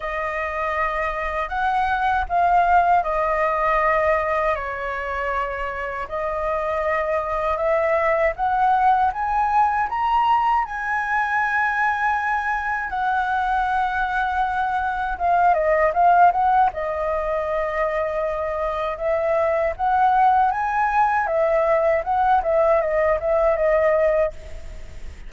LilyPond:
\new Staff \with { instrumentName = "flute" } { \time 4/4 \tempo 4 = 79 dis''2 fis''4 f''4 | dis''2 cis''2 | dis''2 e''4 fis''4 | gis''4 ais''4 gis''2~ |
gis''4 fis''2. | f''8 dis''8 f''8 fis''8 dis''2~ | dis''4 e''4 fis''4 gis''4 | e''4 fis''8 e''8 dis''8 e''8 dis''4 | }